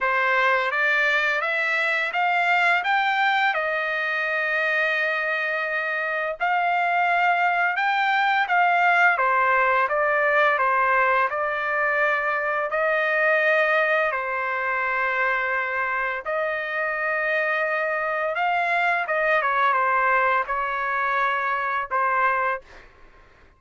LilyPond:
\new Staff \with { instrumentName = "trumpet" } { \time 4/4 \tempo 4 = 85 c''4 d''4 e''4 f''4 | g''4 dis''2.~ | dis''4 f''2 g''4 | f''4 c''4 d''4 c''4 |
d''2 dis''2 | c''2. dis''4~ | dis''2 f''4 dis''8 cis''8 | c''4 cis''2 c''4 | }